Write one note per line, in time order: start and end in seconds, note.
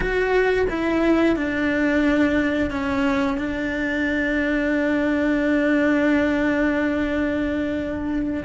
0.00 0.66 F#4
0.69 1.36 E4
1.36 2.70 D4
2.70 3.37 C#4
3.38 8.43 D4